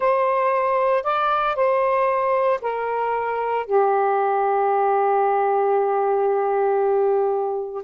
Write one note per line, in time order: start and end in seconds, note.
0.00 1.03 C5
1.03 1.55 D5
1.55 2.60 C5
2.61 3.65 A#4
3.65 7.83 G4